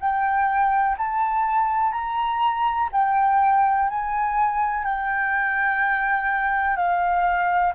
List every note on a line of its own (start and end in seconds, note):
0.00 0.97 G5
0.99 1.93 A5
1.93 2.89 A#5
2.93 3.89 G5
3.90 4.84 G#5
4.84 6.77 G5
6.77 7.74 F5